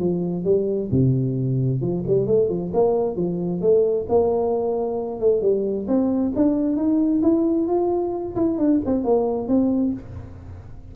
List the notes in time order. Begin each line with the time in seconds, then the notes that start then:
0.00 F3
0.45 G3
0.92 C3
1.82 F3
2.08 G3
2.28 A3
2.50 F3
2.74 A#3
3.17 F3
3.62 A3
4.09 A#3
5.20 A3
5.42 G3
5.88 C4
6.36 D4
6.77 D#4
7.23 E4
7.68 F4
8.36 E4
8.58 D4
8.86 C4
9.05 A#3
9.48 C4